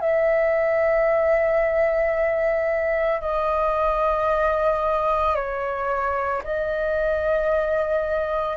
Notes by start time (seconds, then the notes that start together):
0.00 E5
3.21 D#5
5.35 C#5
6.44 D#5